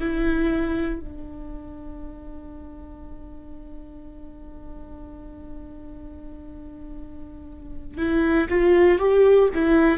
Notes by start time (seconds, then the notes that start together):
0.00 E4
1.00 D4
7.97 E4
8.49 F4
8.98 G4
9.54 E4